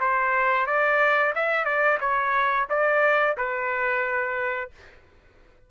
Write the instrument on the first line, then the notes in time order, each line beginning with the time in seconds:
trumpet
0.00 C5
0.66 D5
1.35 E5
1.65 D5
2.00 C#5
2.69 D5
3.37 B4